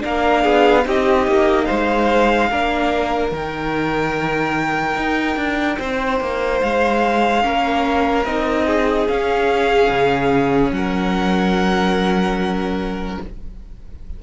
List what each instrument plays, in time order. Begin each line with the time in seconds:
0.00 cello A#3, viola D4, violin A#4 F5
0.43 cello B3, violin G#4
0.85 cello C4, viola D#4, violin G4 D#5
1.27 cello A#3
1.65 violin C5 F5
1.71 cello G#3
2.51 cello A#3, viola D4, violin A#4
3.32 cello D#3, viola D#4, violin G5
4.96 cello D#4
5.36 cello D4
5.79 cello C4, violin C5
6.20 cello A#3
6.61 cello G#3, violin F5
7.42 cello A#3, viola C#4, violin A#4
8.25 cello C4, viola D#4, violin D#5
8.66 violin G#4
9.07 cello C#4, viola C#4, violin F5
9.90 cello C#3
10.71 cello F#3, violin A#4 F#5